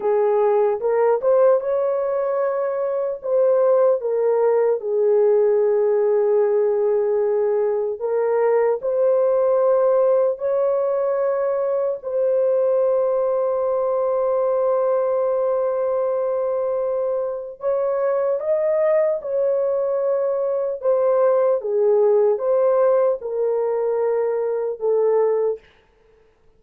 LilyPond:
\new Staff \with { instrumentName = "horn" } { \time 4/4 \tempo 4 = 75 gis'4 ais'8 c''8 cis''2 | c''4 ais'4 gis'2~ | gis'2 ais'4 c''4~ | c''4 cis''2 c''4~ |
c''1~ | c''2 cis''4 dis''4 | cis''2 c''4 gis'4 | c''4 ais'2 a'4 | }